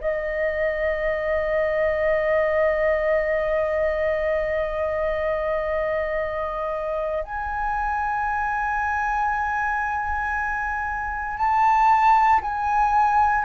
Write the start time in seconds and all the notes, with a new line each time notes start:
0.00 D#5
7.24 G#5
11.37 A5
12.41 G#5